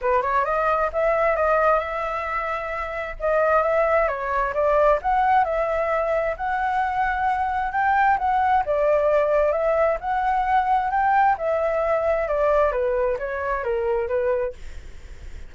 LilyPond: \new Staff \with { instrumentName = "flute" } { \time 4/4 \tempo 4 = 132 b'8 cis''8 dis''4 e''4 dis''4 | e''2. dis''4 | e''4 cis''4 d''4 fis''4 | e''2 fis''2~ |
fis''4 g''4 fis''4 d''4~ | d''4 e''4 fis''2 | g''4 e''2 d''4 | b'4 cis''4 ais'4 b'4 | }